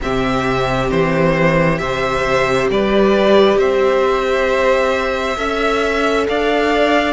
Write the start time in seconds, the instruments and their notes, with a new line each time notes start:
0.01 cello C3, viola C4, violin G4 E5
0.90 cello E3, violin C5
1.78 cello C3, viola G4, violin C5 E5
2.70 cello G3, violin B4 D5
3.57 cello C4, violin C5 E5
5.37 cello C#4, viola A4, violin E5
6.28 cello D4, violin D5 F5